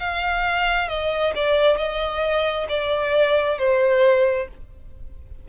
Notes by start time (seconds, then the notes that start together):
0.00 F5
0.89 D#5
1.35 D5
1.77 D#5
2.69 D5
3.59 C5